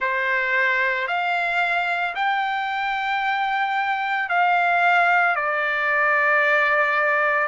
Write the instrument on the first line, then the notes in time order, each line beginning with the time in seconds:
trumpet
0.00 C5
1.07 F5
2.15 G5
4.29 F5
5.35 D5